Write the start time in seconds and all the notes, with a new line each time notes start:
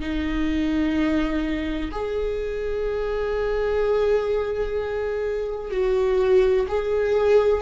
0.00 D#4
1.91 G#4
5.71 F#4
6.68 G#4